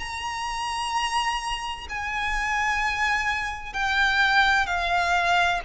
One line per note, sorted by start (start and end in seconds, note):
0.00 1.87 A#5
1.90 3.73 G#5
3.73 4.67 G5
4.67 5.60 F5